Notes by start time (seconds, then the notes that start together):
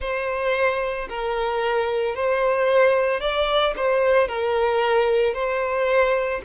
0.00 C5
1.09 A#4
2.15 C5
3.20 D5
3.76 C5
4.28 A#4
5.34 C5